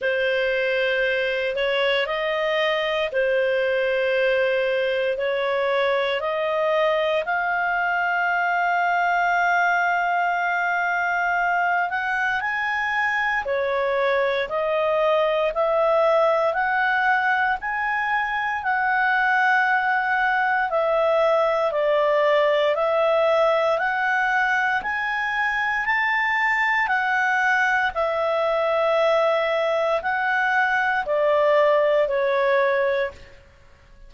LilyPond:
\new Staff \with { instrumentName = "clarinet" } { \time 4/4 \tempo 4 = 58 c''4. cis''8 dis''4 c''4~ | c''4 cis''4 dis''4 f''4~ | f''2.~ f''8 fis''8 | gis''4 cis''4 dis''4 e''4 |
fis''4 gis''4 fis''2 | e''4 d''4 e''4 fis''4 | gis''4 a''4 fis''4 e''4~ | e''4 fis''4 d''4 cis''4 | }